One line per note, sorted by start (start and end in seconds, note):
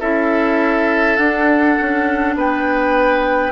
0.00 1.18 C#4
0.00 1.18 E4
0.00 2.35 A4
0.00 1.17 E5
1.17 1.77 D4
1.17 3.52 D4
1.17 2.34 F#5
1.81 2.36 C#4
2.36 3.52 B3
2.36 3.52 B4
2.36 3.52 G5